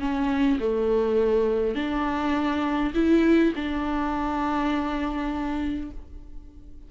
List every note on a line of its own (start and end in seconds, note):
0.00 0.59 C#4
0.59 1.75 A3
1.75 2.93 D4
2.95 3.53 E4
3.56 5.91 D4